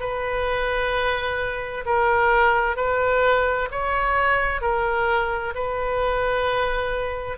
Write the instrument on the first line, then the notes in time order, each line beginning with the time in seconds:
oboe
0.00 B4
1.85 A#4
2.77 B4
3.71 C#5
4.62 A#4
5.55 B4